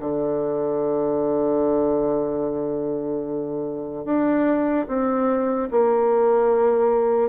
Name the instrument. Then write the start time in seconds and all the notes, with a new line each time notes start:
bassoon
0.00 D3
4.05 D4
4.88 C4
5.71 A#3